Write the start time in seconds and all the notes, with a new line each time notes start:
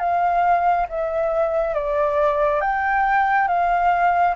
0.00 F5
0.89 E5
1.75 D5
2.61 G5
3.48 F5